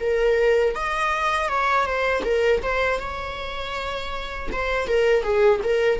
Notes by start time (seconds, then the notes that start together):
0.00 A#4
0.75 D#5
1.49 C#5
1.85 C5
2.24 A#4
2.62 C5
2.99 C#5
4.52 C5
4.88 A#4
5.23 G#4
5.64 A#4